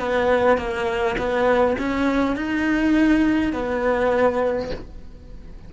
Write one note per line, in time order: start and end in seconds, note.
0.00 0.58 B3
0.58 1.17 A#3
1.18 1.77 B3
1.79 2.36 C#4
2.36 3.53 D#4
3.53 4.71 B3